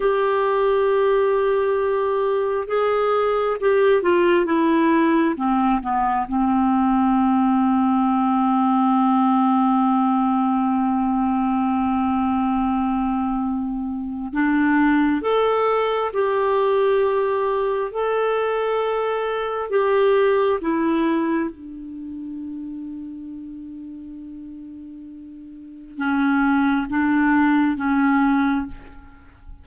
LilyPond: \new Staff \with { instrumentName = "clarinet" } { \time 4/4 \tempo 4 = 67 g'2. gis'4 | g'8 f'8 e'4 c'8 b8 c'4~ | c'1~ | c'1 |
d'4 a'4 g'2 | a'2 g'4 e'4 | d'1~ | d'4 cis'4 d'4 cis'4 | }